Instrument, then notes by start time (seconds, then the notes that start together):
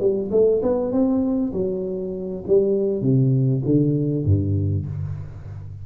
tuba
0.00 G3
0.31 A3
0.62 B3
0.92 C4
1.53 F#3
2.47 G3
3.01 C3
3.65 D3
4.25 G2